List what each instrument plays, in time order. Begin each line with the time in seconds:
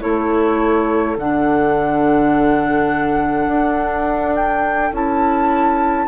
0.00 bassoon A3, clarinet E4, oboe A4, flute C#5
1.17 bassoon D3, clarinet D4, flute F#5
3.47 bassoon D4
4.35 flute G5
4.92 bassoon C#4, clarinet E4, flute A5